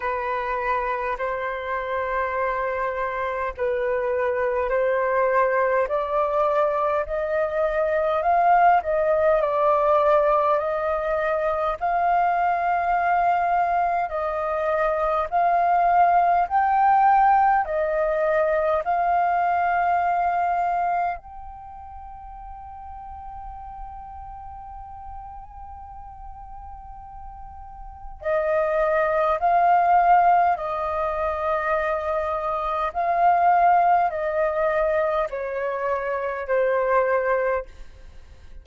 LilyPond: \new Staff \with { instrumentName = "flute" } { \time 4/4 \tempo 4 = 51 b'4 c''2 b'4 | c''4 d''4 dis''4 f''8 dis''8 | d''4 dis''4 f''2 | dis''4 f''4 g''4 dis''4 |
f''2 g''2~ | g''1 | dis''4 f''4 dis''2 | f''4 dis''4 cis''4 c''4 | }